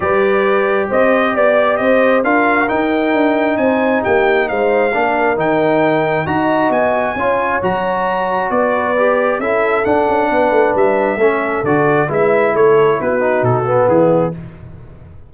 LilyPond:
<<
  \new Staff \with { instrumentName = "trumpet" } { \time 4/4 \tempo 4 = 134 d''2 dis''4 d''4 | dis''4 f''4 g''2 | gis''4 g''4 f''2 | g''2 ais''4 gis''4~ |
gis''4 ais''2 d''4~ | d''4 e''4 fis''2 | e''2 d''4 e''4 | cis''4 b'4 a'4 gis'4 | }
  \new Staff \with { instrumentName = "horn" } { \time 4/4 b'2 c''4 d''4 | c''4 ais'2. | c''4 g'4 c''4 ais'4~ | ais'2 dis''2 |
cis''2. b'4~ | b'4 a'2 b'4~ | b'4 a'2 b'4 | a'4 fis'2 e'4 | }
  \new Staff \with { instrumentName = "trombone" } { \time 4/4 g'1~ | g'4 f'4 dis'2~ | dis'2. d'4 | dis'2 fis'2 |
f'4 fis'2. | g'4 e'4 d'2~ | d'4 cis'4 fis'4 e'4~ | e'4. dis'4 b4. | }
  \new Staff \with { instrumentName = "tuba" } { \time 4/4 g2 c'4 b4 | c'4 d'4 dis'4 d'4 | c'4 ais4 gis4 ais4 | dis2 dis'4 b4 |
cis'4 fis2 b4~ | b4 cis'4 d'8 cis'8 b8 a8 | g4 a4 d4 gis4 | a4 b4 b,4 e4 | }
>>